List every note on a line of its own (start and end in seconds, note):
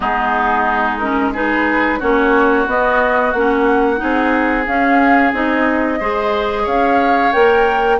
0.00 2.00 G#3
0.00 0.99 B3
0.00 1.30 D#4
0.00 0.98 G#4
0.98 1.34 C#4
0.98 1.32 A#4
1.33 2.00 D#4
1.33 1.99 G#4
1.33 2.00 B4
1.99 2.67 A#3
1.99 2.66 C#4
1.99 3.99 F#4
1.99 2.67 C#5
2.66 3.33 B3
2.66 3.32 D#5
3.32 4.00 A#3
3.32 3.96 C#4
3.32 4.65 F#5
3.96 4.66 C4
3.96 4.63 D#4
3.96 5.99 G#4
4.66 5.32 C#4
4.66 5.33 C#4
4.66 5.32 F5
5.32 5.99 C4
5.32 5.99 D#4
5.32 6.67 D#5
5.99 6.66 G#3
5.99 7.32 G#4
5.99 6.62 C5
6.62 7.33 C#4
6.62 7.96 C#5
6.62 7.32 F5
7.32 8.00 A#3
7.32 7.98 A#4
7.32 7.99 G5